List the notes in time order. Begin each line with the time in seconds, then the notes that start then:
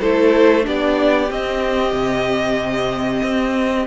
0.00 A3 E4 A4 C5
0.62 B3 D4 G4 D5
1.30 C4 D#5
1.92 C3
3.22 C4